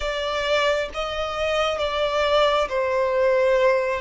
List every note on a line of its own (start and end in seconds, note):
0.00 0.89 D5
0.94 1.78 D#5
1.78 2.68 D5
2.69 4.01 C5